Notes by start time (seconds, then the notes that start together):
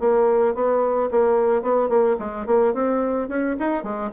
0.00 A#3
0.55 B3
1.12 A#3
1.63 B3
1.89 A#3
2.19 G#3
2.47 A#3
2.74 C4
3.29 C#4
3.60 D#4
3.84 G#3